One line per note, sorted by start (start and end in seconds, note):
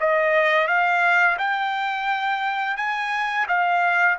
0.00 0.68 D#5
0.68 1.37 F5
1.38 2.77 G5
2.77 3.46 G#5
3.48 4.17 F5